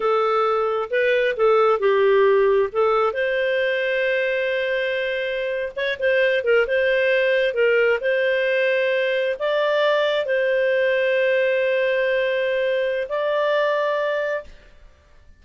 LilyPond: \new Staff \with { instrumentName = "clarinet" } { \time 4/4 \tempo 4 = 133 a'2 b'4 a'4 | g'2 a'4 c''4~ | c''1~ | c''8. cis''8 c''4 ais'8 c''4~ c''16~ |
c''8. ais'4 c''2~ c''16~ | c''8. d''2 c''4~ c''16~ | c''1~ | c''4 d''2. | }